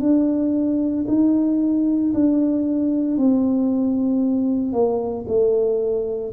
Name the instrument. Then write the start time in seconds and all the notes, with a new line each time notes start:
tuba
0.00 D4
1.08 D#4
2.14 D4
3.17 C4
4.72 A#3
5.27 A3